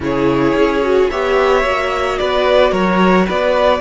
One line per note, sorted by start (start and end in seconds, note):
0.00 0.53 C#3
0.00 0.82 E4
0.00 1.10 G#4
0.00 1.10 C#5
0.54 1.08 C#4
0.82 1.09 F#4
1.10 1.63 B3
1.10 1.63 G4
1.10 2.19 C#5
1.10 2.18 E5
1.63 2.18 A#3
1.63 3.80 F#4
2.18 2.72 B3
2.18 2.71 B4
2.18 2.72 D5
2.71 3.26 F#3
2.71 3.26 A#4
2.71 3.26 C#5
3.26 3.80 B3
3.26 3.80 B4
3.26 3.80 D5